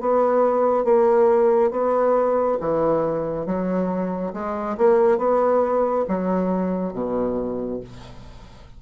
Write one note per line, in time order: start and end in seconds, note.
0.00 0.84 B3
0.84 1.70 A#3
1.70 2.57 B3
2.60 3.46 E3
3.46 4.33 F#3
4.33 4.76 G#3
4.77 5.18 A#3
5.18 6.05 B3
6.08 6.93 F#3
6.93 7.80 B2